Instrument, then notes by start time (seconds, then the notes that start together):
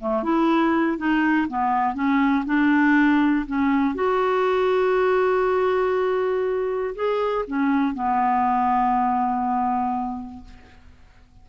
clarinet
0.00 A3
0.23 E4
0.97 D#4
1.48 B3
1.94 C#4
2.45 D4
3.46 C#4
3.95 F#4
6.95 G#4
7.47 C#4
7.94 B3